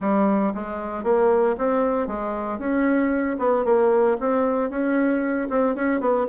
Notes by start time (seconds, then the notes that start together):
0.00 G3
0.54 G#3
1.03 A#3
1.57 C4
2.07 G#3
2.58 C#4
3.38 B3
3.65 A#3
4.20 C4
4.70 C#4
5.49 C4
5.75 C#4
6.00 B3